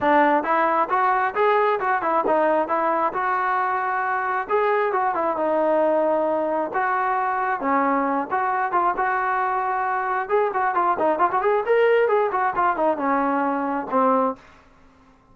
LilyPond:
\new Staff \with { instrumentName = "trombone" } { \time 4/4 \tempo 4 = 134 d'4 e'4 fis'4 gis'4 | fis'8 e'8 dis'4 e'4 fis'4~ | fis'2 gis'4 fis'8 e'8 | dis'2. fis'4~ |
fis'4 cis'4. fis'4 f'8 | fis'2. gis'8 fis'8 | f'8 dis'8 f'16 fis'16 gis'8 ais'4 gis'8 fis'8 | f'8 dis'8 cis'2 c'4 | }